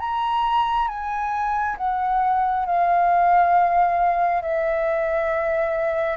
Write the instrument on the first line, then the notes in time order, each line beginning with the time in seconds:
flute
0.00 A#5
0.88 G#5
1.77 F#5
2.66 F5
4.42 E5